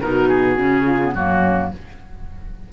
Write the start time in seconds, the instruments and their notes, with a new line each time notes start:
0.00 cello B2, clarinet D#4, horn F#4, oboe A#4
0.28 oboe G#4
0.56 cello C#3, clarinet C#4
0.85 horn F4
1.01 clarinet B3
1.14 cello F#2, clarinet A#3, horn C#4, oboe F#4